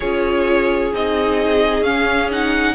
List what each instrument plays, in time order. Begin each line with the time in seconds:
0.00 cello C#4, viola F4, violin G#4 C#5
0.92 cello C4, viola D#4, violin D#5
1.81 cello C#4, viola C#4, violin F5
2.30 viola D#4, violin F#5